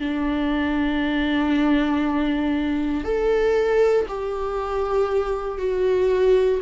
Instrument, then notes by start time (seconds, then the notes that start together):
viola
0.00 D4
3.05 A4
4.09 G4
5.59 F#4